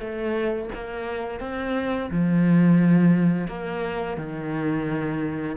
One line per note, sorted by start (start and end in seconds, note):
0.00 0.70 A3
0.75 1.40 A#3
1.40 2.10 C4
2.11 3.48 F3
3.48 4.17 A#3
4.17 5.57 D#3